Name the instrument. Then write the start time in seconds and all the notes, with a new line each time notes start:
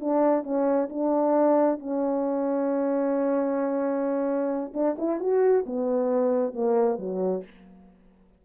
horn
0.00 D4
0.43 C#4
0.89 D4
1.79 C#4
4.73 D4
4.98 E4
5.19 F#4
5.66 B3
6.53 A#3
6.98 F#3